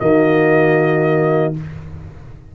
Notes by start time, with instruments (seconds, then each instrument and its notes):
0.00 tuba D#3, trombone A#3, horn F#4, trumpet D#5